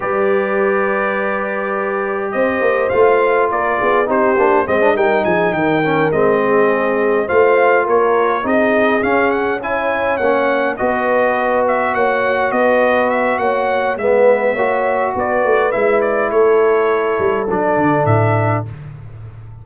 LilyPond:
<<
  \new Staff \with { instrumentName = "trumpet" } { \time 4/4 \tempo 4 = 103 d''1 | dis''4 f''4 d''4 c''4 | dis''8 g''8 gis''8 g''4 dis''4.~ | dis''8 f''4 cis''4 dis''4 f''8 |
fis''8 gis''4 fis''4 dis''4. | e''8 fis''4 dis''4 e''8 fis''4 | e''2 d''4 e''8 d''8 | cis''2 d''4 e''4 | }
  \new Staff \with { instrumentName = "horn" } { \time 4/4 b'1 | c''2 ais'8 gis'8 g'4 | c''8 ais'8 gis'8 ais'4. gis'4~ | gis'8 c''4 ais'4 gis'4.~ |
gis'8 cis''2 b'4.~ | b'8 cis''4 b'4. cis''4 | b'4 cis''4 b'2 | a'1 | }
  \new Staff \with { instrumentName = "trombone" } { \time 4/4 g'1~ | g'4 f'2 dis'8 d'8 | c'16 d'16 dis'4. cis'8 c'4.~ | c'8 f'2 dis'4 cis'8~ |
cis'8 e'4 cis'4 fis'4.~ | fis'1 | b4 fis'2 e'4~ | e'2 d'2 | }
  \new Staff \with { instrumentName = "tuba" } { \time 4/4 g1 | c'8 ais8 a4 ais8 b8 c'8 ais8 | gis8 g8 f8 dis4 gis4.~ | gis8 a4 ais4 c'4 cis'8~ |
cis'4. ais4 b4.~ | b8 ais4 b4. ais4 | gis4 ais4 b8 a8 gis4 | a4. g8 fis8 d8 a,4 | }
>>